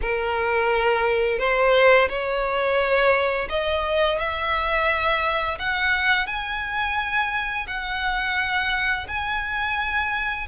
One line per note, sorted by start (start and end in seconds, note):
0.01 1.38 A#4
1.38 2.08 C5
2.08 3.48 C#5
3.49 4.19 D#5
4.19 5.58 E5
5.58 6.26 F#5
6.26 7.66 G#5
7.67 9.06 F#5
9.07 10.47 G#5